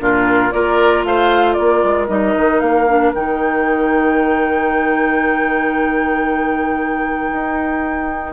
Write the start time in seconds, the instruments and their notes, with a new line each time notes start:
0.00 bassoon A#2, clarinet D4, oboe F4, flute A#4
0.52 bassoon A#3, clarinet F4, oboe A#4, flute D5
1.04 bassoon A3, oboe C5, flute F5
1.53 oboe A#4, flute D5
1.60 bassoon A#3
1.84 bassoon G#3
2.08 bassoon G3, clarinet D#4, flute D#5
2.36 bassoon D#3
2.60 bassoon A#3, flute F5
2.89 clarinet D4
3.15 bassoon D#3, clarinet D#4, flute G5
7.32 bassoon D#4